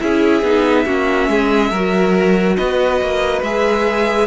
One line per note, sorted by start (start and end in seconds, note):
0.00 0.42 C#4
0.00 0.43 E4
0.00 0.86 G#4
0.00 2.56 E5
0.42 0.85 B3
0.42 0.86 D#4
0.86 1.28 A#3
0.86 1.72 C#4
0.86 1.29 F#4
1.28 1.71 G#3
1.28 1.71 G#4
1.71 2.57 F#3
1.71 3.45 F#4
1.71 2.56 A#4
2.56 3.01 B3
2.56 4.27 B4
2.56 3.42 D#5
3.01 3.42 A#3
3.42 4.27 G#3
3.42 4.27 G#4
3.42 4.27 E5